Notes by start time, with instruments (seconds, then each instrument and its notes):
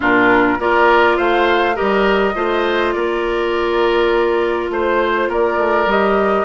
0.00 bassoon A#2, clarinet D4, oboe F4, flute A#4
0.59 bassoon A#3, clarinet F4, oboe A#4, flute D5
1.17 bassoon A3, oboe C5, flute F5
1.75 bassoon G3, clarinet G4, oboe A#4, flute D#5
2.34 bassoon A3, clarinet F4, oboe C5
2.92 bassoon A#3, oboe A#4, flute D5
4.70 bassoon A3, oboe C5, flute C5
5.27 bassoon A#3, oboe A#4, flute D5
5.57 bassoon A3
5.86 bassoon G3, clarinet G4, flute D#5